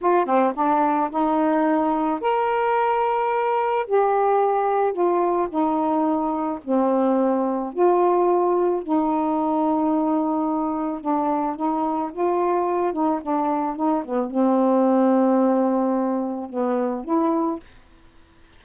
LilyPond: \new Staff \with { instrumentName = "saxophone" } { \time 4/4 \tempo 4 = 109 f'8 c'8 d'4 dis'2 | ais'2. g'4~ | g'4 f'4 dis'2 | c'2 f'2 |
dis'1 | d'4 dis'4 f'4. dis'8 | d'4 dis'8 b8 c'2~ | c'2 b4 e'4 | }